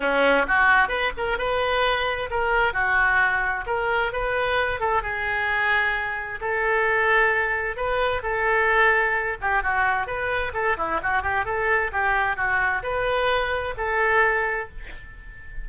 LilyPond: \new Staff \with { instrumentName = "oboe" } { \time 4/4 \tempo 4 = 131 cis'4 fis'4 b'8 ais'8 b'4~ | b'4 ais'4 fis'2 | ais'4 b'4. a'8 gis'4~ | gis'2 a'2~ |
a'4 b'4 a'2~ | a'8 g'8 fis'4 b'4 a'8 e'8 | fis'8 g'8 a'4 g'4 fis'4 | b'2 a'2 | }